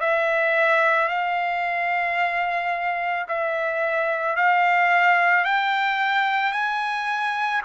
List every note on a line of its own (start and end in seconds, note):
0.00 1.08 E5
1.08 3.26 F5
3.28 4.36 E5
4.36 5.44 F5
5.44 6.52 G5
6.52 7.61 G#5